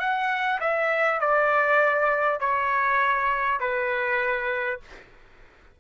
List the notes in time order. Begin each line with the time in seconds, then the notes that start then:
0.00 F#5
0.61 E5
1.21 D5
2.41 C#5
3.61 B4